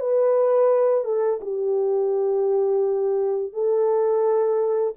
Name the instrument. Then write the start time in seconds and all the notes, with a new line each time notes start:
horn
0.00 B4
1.05 A4
1.41 G4
3.53 A4